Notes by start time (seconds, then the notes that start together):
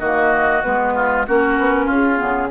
0.00 D#3 A#3 F#4 D#5
0.63 G#3 B3 B4
0.95 F4
1.27 A#3 C#4 F#4 A#4
1.59 B3
1.85 C#4 F4
1.92 G#4
2.17 C#3 B3